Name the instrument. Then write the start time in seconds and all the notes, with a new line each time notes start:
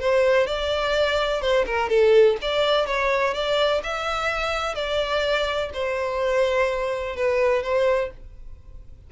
violin
0.00 C5
0.47 D5
1.42 C5
1.66 A#4
1.89 A4
2.42 D5
2.87 C#5
3.34 D5
3.83 E5
4.75 D5
5.74 C5
7.16 B4
7.63 C5